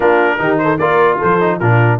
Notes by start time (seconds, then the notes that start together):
0.00 A#3 D4 F4 A#4
0.38 D#3 D#4 G4
0.58 A4 C5
0.78 A#3 F4 A#4 D5
1.18 F3 A4 C5
1.40 D#4
1.59 A#2 D4 F4 A#4